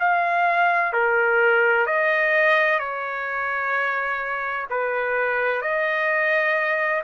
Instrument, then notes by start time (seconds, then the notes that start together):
trumpet
0.00 F5
0.93 A#4
1.87 D#5
2.80 C#5
4.70 B4
5.62 D#5